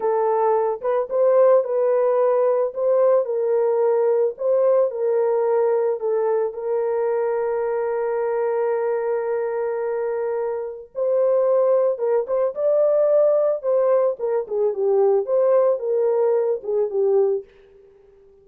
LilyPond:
\new Staff \with { instrumentName = "horn" } { \time 4/4 \tempo 4 = 110 a'4. b'8 c''4 b'4~ | b'4 c''4 ais'2 | c''4 ais'2 a'4 | ais'1~ |
ais'1 | c''2 ais'8 c''8 d''4~ | d''4 c''4 ais'8 gis'8 g'4 | c''4 ais'4. gis'8 g'4 | }